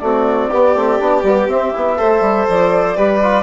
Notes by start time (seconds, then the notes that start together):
0.00 A3 C4 F#4 D5
0.51 B3 G4
0.75 A3 C4
1.00 B3 D4
1.23 G3 B3
1.48 C4 E5
1.74 B3 E4
1.98 A3 A4 C5
2.21 G3
2.49 F3 D5
2.96 G3 G4 B4
3.23 F4